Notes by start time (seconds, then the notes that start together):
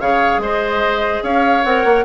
0.00 C#3 G#4 C#5 F5
0.38 G#3 C5 D#5
1.23 C#4 C#5 F5
1.63 C4 A#4 F#5
1.84 A#3